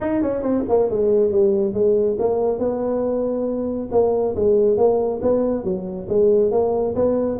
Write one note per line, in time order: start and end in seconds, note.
0.00 0.22 D#4
0.22 0.42 C#4
0.42 0.64 C4
0.68 0.90 A#3
0.90 1.31 G#3
1.31 1.73 G3
1.73 2.17 G#3
2.19 2.58 A#3
2.58 3.89 B3
3.91 4.35 A#3
4.35 4.77 G#3
4.77 5.20 A#3
5.22 5.63 B3
5.63 6.07 F#3
6.08 6.51 G#3
6.51 6.94 A#3
6.95 7.38 B3